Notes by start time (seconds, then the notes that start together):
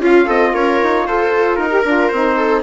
0.00 C#4 F4 F5
0.26 C4 A4 D#5
0.53 C#4 A#4 C#5
0.83 D#4
1.07 F4 A4 C5
1.56 D#4 A#4
1.70 G4
1.84 D4 F4
2.08 C4 D#4 C5
2.37 A4